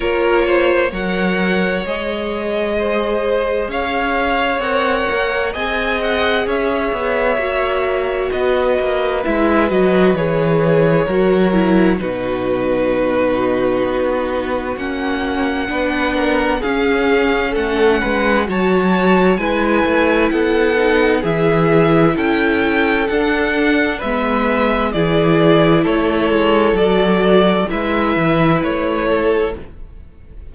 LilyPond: <<
  \new Staff \with { instrumentName = "violin" } { \time 4/4 \tempo 4 = 65 cis''4 fis''4 dis''2 | f''4 fis''4 gis''8 fis''8 e''4~ | e''4 dis''4 e''8 dis''8 cis''4~ | cis''4 b'2. |
fis''2 f''4 fis''4 | a''4 gis''4 fis''4 e''4 | g''4 fis''4 e''4 d''4 | cis''4 d''4 e''4 cis''4 | }
  \new Staff \with { instrumentName = "violin" } { \time 4/4 ais'8 c''8 cis''2 c''4 | cis''2 dis''4 cis''4~ | cis''4 b'2. | ais'4 fis'2.~ |
fis'4 b'8 ais'8 gis'4 a'8 b'8 | cis''4 b'4 a'4 gis'4 | a'2 b'4 gis'4 | a'2 b'4. a'8 | }
  \new Staff \with { instrumentName = "viola" } { \time 4/4 f'4 ais'4 gis'2~ | gis'4 ais'4 gis'2 | fis'2 e'8 fis'8 gis'4 | fis'8 e'8 dis'2. |
cis'4 d'4 cis'2 | fis'4 e'4. dis'8 e'4~ | e'4 d'4 b4 e'4~ | e'4 fis'4 e'2 | }
  \new Staff \with { instrumentName = "cello" } { \time 4/4 ais4 fis4 gis2 | cis'4 c'8 ais8 c'4 cis'8 b8 | ais4 b8 ais8 gis8 fis8 e4 | fis4 b,2 b4 |
ais4 b4 cis'4 a8 gis8 | fis4 gis8 a8 b4 e4 | cis'4 d'4 gis4 e4 | a8 gis8 fis4 gis8 e8 a4 | }
>>